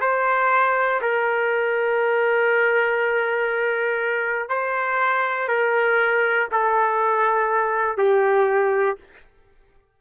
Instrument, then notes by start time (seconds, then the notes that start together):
trumpet
0.00 C5
1.01 A#4
4.49 C5
5.48 A#4
6.51 A4
7.97 G4